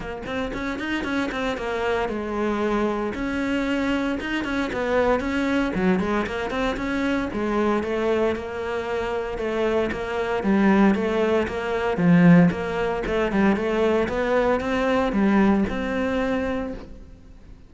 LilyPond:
\new Staff \with { instrumentName = "cello" } { \time 4/4 \tempo 4 = 115 ais8 c'8 cis'8 dis'8 cis'8 c'8 ais4 | gis2 cis'2 | dis'8 cis'8 b4 cis'4 fis8 gis8 | ais8 c'8 cis'4 gis4 a4 |
ais2 a4 ais4 | g4 a4 ais4 f4 | ais4 a8 g8 a4 b4 | c'4 g4 c'2 | }